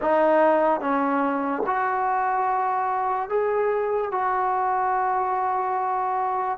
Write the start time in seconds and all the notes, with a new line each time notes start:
0.01 D#4
0.80 C#4
1.66 F#4
3.29 G#4
4.11 F#4